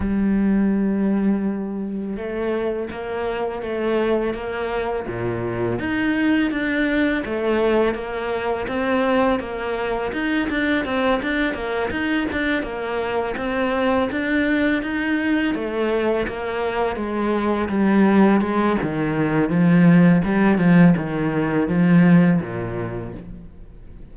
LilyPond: \new Staff \with { instrumentName = "cello" } { \time 4/4 \tempo 4 = 83 g2. a4 | ais4 a4 ais4 ais,4 | dis'4 d'4 a4 ais4 | c'4 ais4 dis'8 d'8 c'8 d'8 |
ais8 dis'8 d'8 ais4 c'4 d'8~ | d'8 dis'4 a4 ais4 gis8~ | gis8 g4 gis8 dis4 f4 | g8 f8 dis4 f4 ais,4 | }